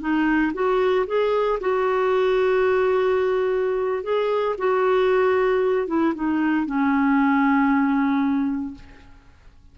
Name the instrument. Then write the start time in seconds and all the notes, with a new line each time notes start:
clarinet
0.00 D#4
0.54 F#4
1.07 G#4
1.60 F#4
4.03 G#4
4.58 F#4
5.87 E4
6.15 D#4
6.66 C#4